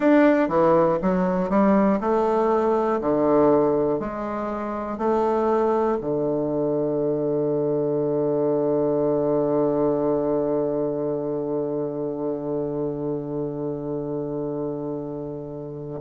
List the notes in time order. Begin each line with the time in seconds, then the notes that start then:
0.00 D4
0.48 E3
1.01 F#3
1.49 G3
2.00 A3
3.00 D3
4.00 G#3
4.97 A3
6.00 D3